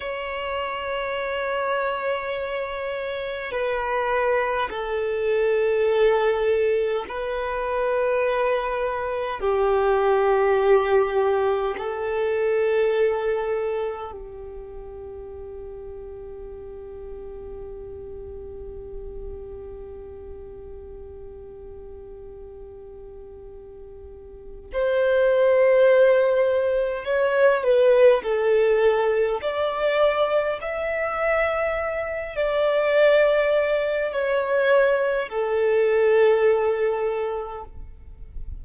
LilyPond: \new Staff \with { instrumentName = "violin" } { \time 4/4 \tempo 4 = 51 cis''2. b'4 | a'2 b'2 | g'2 a'2 | g'1~ |
g'1~ | g'4 c''2 cis''8 b'8 | a'4 d''4 e''4. d''8~ | d''4 cis''4 a'2 | }